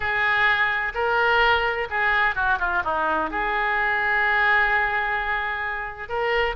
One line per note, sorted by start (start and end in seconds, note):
0.00 0.93 G#4
0.94 1.88 A#4
1.90 2.35 G#4
2.35 2.58 F#4
2.59 2.82 F4
2.84 3.30 D#4
3.30 6.08 G#4
6.08 6.55 A#4